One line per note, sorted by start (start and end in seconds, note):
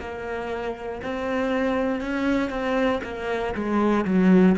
0.00 1.02 A#3
1.04 2.02 C4
2.02 2.50 C#4
2.50 3.01 C4
3.04 3.55 A#3
3.55 4.05 G#3
4.05 4.56 F#3